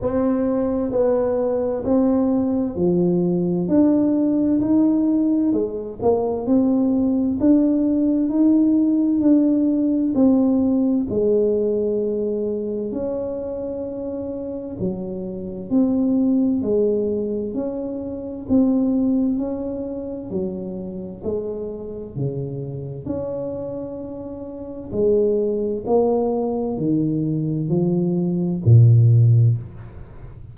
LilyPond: \new Staff \with { instrumentName = "tuba" } { \time 4/4 \tempo 4 = 65 c'4 b4 c'4 f4 | d'4 dis'4 gis8 ais8 c'4 | d'4 dis'4 d'4 c'4 | gis2 cis'2 |
fis4 c'4 gis4 cis'4 | c'4 cis'4 fis4 gis4 | cis4 cis'2 gis4 | ais4 dis4 f4 ais,4 | }